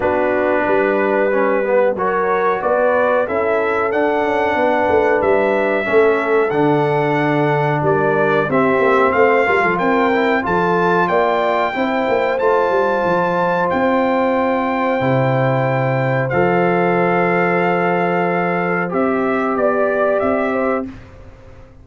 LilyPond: <<
  \new Staff \with { instrumentName = "trumpet" } { \time 4/4 \tempo 4 = 92 b'2. cis''4 | d''4 e''4 fis''2 | e''2 fis''2 | d''4 e''4 f''4 g''4 |
a''4 g''2 a''4~ | a''4 g''2.~ | g''4 f''2.~ | f''4 e''4 d''4 e''4 | }
  \new Staff \with { instrumentName = "horn" } { \time 4/4 fis'4 b'2 ais'4 | b'4 a'2 b'4~ | b'4 a'2. | ais'4 g'4 c''8 ais'16 a'16 ais'4 |
a'4 d''4 c''2~ | c''1~ | c''1~ | c''2 d''4. c''8 | }
  \new Staff \with { instrumentName = "trombone" } { \time 4/4 d'2 cis'8 b8 fis'4~ | fis'4 e'4 d'2~ | d'4 cis'4 d'2~ | d'4 c'4. f'4 e'8 |
f'2 e'4 f'4~ | f'2. e'4~ | e'4 a'2.~ | a'4 g'2. | }
  \new Staff \with { instrumentName = "tuba" } { \time 4/4 b4 g2 fis4 | b4 cis'4 d'8 cis'8 b8 a8 | g4 a4 d2 | g4 c'8 ais8 a8 g16 f16 c'4 |
f4 ais4 c'8 ais8 a8 g8 | f4 c'2 c4~ | c4 f2.~ | f4 c'4 b4 c'4 | }
>>